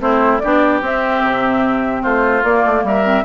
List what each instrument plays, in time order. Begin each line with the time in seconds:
0.00 bassoon A3, clarinet C4, oboe E4, flute C5
0.39 bassoon B3, clarinet D4, oboe G4, flute D5
0.82 bassoon C4, clarinet C4, flute E5
1.23 bassoon C3
2.02 bassoon A3, oboe F4, flute C5
2.44 bassoon A#3, clarinet A#3, flute D5
2.66 bassoon A3
2.84 bassoon G3, oboe A#4, flute E5
3.05 clarinet C4